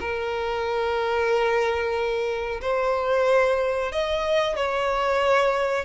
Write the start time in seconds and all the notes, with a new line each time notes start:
0.00 A#4
2.61 C5
3.92 D#5
4.56 C#5